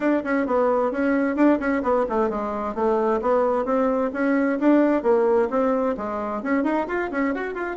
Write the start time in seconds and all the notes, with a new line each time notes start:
0.00 D4
0.24 C#4
0.46 B3
0.91 C#4
1.35 D4
1.59 C#4
1.82 B3
2.09 A3
2.29 G#3
2.74 A3
3.21 B3
3.65 C4
4.13 C#4
4.59 D4
5.03 A#3
5.50 C4
5.97 G#3
6.42 C#4
6.63 D#4
6.87 F4
7.11 C#4
7.34 F#4
7.54 F4